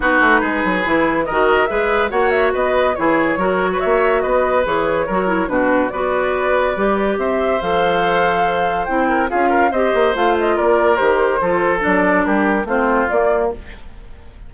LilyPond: <<
  \new Staff \with { instrumentName = "flute" } { \time 4/4 \tempo 4 = 142 b'2. dis''4 | e''4 fis''8 e''8 dis''4 cis''4~ | cis''4 e''4 dis''4 cis''4~ | cis''4 b'4 d''2~ |
d''4 e''4 f''2~ | f''4 g''4 f''4 dis''4 | f''8 dis''8 d''4 c''2 | d''4 ais'4 c''4 d''4 | }
  \new Staff \with { instrumentName = "oboe" } { \time 4/4 fis'4 gis'2 ais'4 | b'4 cis''4 b'4 gis'4 | ais'8. b'16 cis''4 b'2 | ais'4 fis'4 b'2~ |
b'4 c''2.~ | c''4. ais'8 gis'8 ais'8 c''4~ | c''4 ais'2 a'4~ | a'4 g'4 f'2 | }
  \new Staff \with { instrumentName = "clarinet" } { \time 4/4 dis'2 e'4 fis'4 | gis'4 fis'2 e'4 | fis'2. gis'4 | fis'8 e'8 d'4 fis'2 |
g'2 a'2~ | a'4 e'4 f'4 g'4 | f'2 g'4 f'4 | d'2 c'4 ais4 | }
  \new Staff \with { instrumentName = "bassoon" } { \time 4/4 b8 a8 gis8 fis8 e4 dis4 | gis4 ais4 b4 e4 | fis4 ais4 b4 e4 | fis4 b,4 b2 |
g4 c'4 f2~ | f4 c'4 cis'4 c'8 ais8 | a4 ais4 dis4 f4 | fis4 g4 a4 ais4 | }
>>